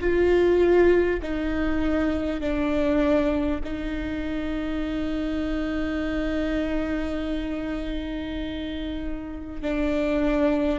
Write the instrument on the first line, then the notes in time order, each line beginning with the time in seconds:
viola
0.00 F4
1.22 D#4
2.41 D4
3.64 D#4
9.62 D4